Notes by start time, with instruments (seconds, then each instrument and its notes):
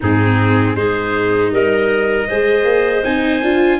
0.00 tuba G#2, viola C4, clarinet D#4, trumpet G#4
0.75 tuba G#3, viola D#4, clarinet G#4, trumpet C5
1.50 tuba G3, clarinet A#4, trumpet D#5
2.27 tuba G#3, viola G#4, clarinet C5
2.64 tuba A#3
3.03 tuba C4, viola D#4, trumpet G#5
3.42 tuba D4, viola F4